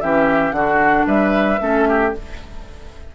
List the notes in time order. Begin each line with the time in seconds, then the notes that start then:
0.00 E3 C#4 G4 E5
0.51 D3 D4 F#4 F#5
1.06 G3 B4 E5
1.59 A3 C#4 A4
1.88 G4